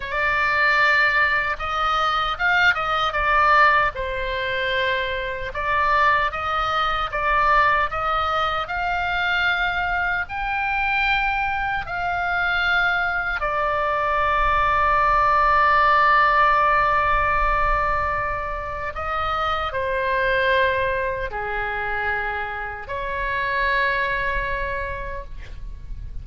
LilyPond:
\new Staff \with { instrumentName = "oboe" } { \time 4/4 \tempo 4 = 76 d''2 dis''4 f''8 dis''8 | d''4 c''2 d''4 | dis''4 d''4 dis''4 f''4~ | f''4 g''2 f''4~ |
f''4 d''2.~ | d''1 | dis''4 c''2 gis'4~ | gis'4 cis''2. | }